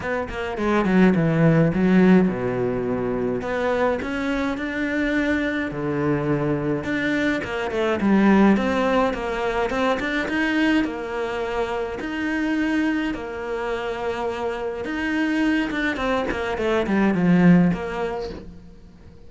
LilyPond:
\new Staff \with { instrumentName = "cello" } { \time 4/4 \tempo 4 = 105 b8 ais8 gis8 fis8 e4 fis4 | b,2 b4 cis'4 | d'2 d2 | d'4 ais8 a8 g4 c'4 |
ais4 c'8 d'8 dis'4 ais4~ | ais4 dis'2 ais4~ | ais2 dis'4. d'8 | c'8 ais8 a8 g8 f4 ais4 | }